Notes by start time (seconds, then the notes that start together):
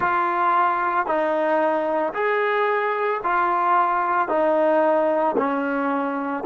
0.00 F4
1.06 D#4
2.13 G#4
3.23 F4
4.28 D#4
5.37 C#4